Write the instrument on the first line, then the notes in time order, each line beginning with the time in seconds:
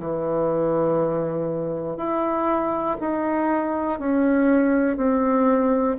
bassoon
0.00 E3
1.97 E4
3.00 D#4
4.00 C#4
4.97 C4